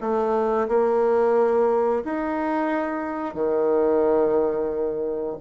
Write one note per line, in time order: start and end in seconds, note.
0.00 0.67 A3
0.68 2.03 A#3
2.04 3.34 D#4
3.34 5.36 D#3